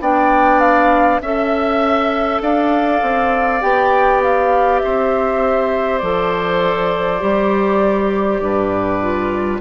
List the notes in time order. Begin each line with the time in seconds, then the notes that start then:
0.00 B3 D4 D5 G5
0.59 F5
1.20 C#4 A4 E5
2.41 D4 D5 F5
3.02 C4
3.61 B3 G4 G5
4.23 F5
4.79 C4 C5 E5
5.98 F3 A4 D5
7.20 G3 G4
8.40 G2 B4
9.01 F4